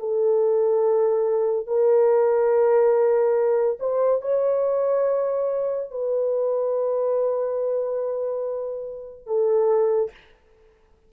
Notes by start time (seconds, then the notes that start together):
0.00 A4
1.67 A#4
3.80 C5
4.22 C#5
5.91 B4
9.27 A4